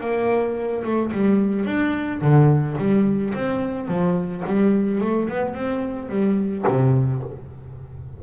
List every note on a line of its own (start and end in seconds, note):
0.00 0.83 A#3
0.84 1.12 A3
1.12 1.65 G3
1.65 2.21 D4
2.21 2.77 D3
2.78 3.33 G3
3.34 3.88 C4
3.88 4.43 F3
4.46 5.01 G3
5.01 5.29 A3
5.29 5.54 B3
5.54 6.09 C4
6.09 6.65 G3
6.67 7.23 C3